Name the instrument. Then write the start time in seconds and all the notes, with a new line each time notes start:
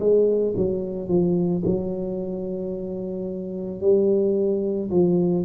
tuba
0.00 G#3
0.57 F#3
1.09 F3
1.66 F#3
3.81 G3
4.90 F3